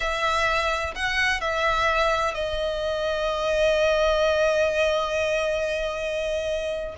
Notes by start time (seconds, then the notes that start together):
0.00 E5
0.95 F#5
1.40 E5
2.34 D#5